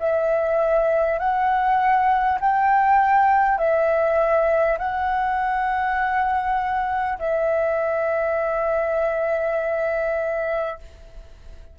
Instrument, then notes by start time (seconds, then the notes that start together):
flute
0.00 E5
1.19 F#5
2.41 G5
3.58 E5
4.79 F#5
7.19 E5